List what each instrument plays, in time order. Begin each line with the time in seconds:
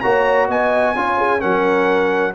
0.00 tuba A#3, trombone F#4, horn C#5, trumpet A#5
0.47 tuba B3, horn D#5, trumpet G#5
0.95 tuba C#4, trombone F4, horn C#5
1.18 horn G#4
1.39 tuba F#3, trombone C#4, horn A#4, trumpet F#5